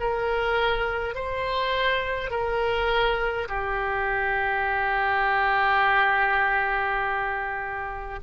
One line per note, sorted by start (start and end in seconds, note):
0.00 1.15 A#4
1.15 2.30 C5
2.30 3.48 A#4
3.48 8.19 G4